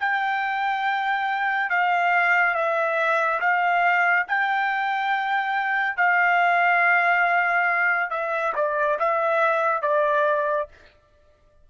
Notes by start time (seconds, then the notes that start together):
0.00 G5
1.70 F5
2.54 E5
3.41 F5
4.28 G5
5.97 F5
8.10 E5
8.56 D5
9.00 E5
9.82 D5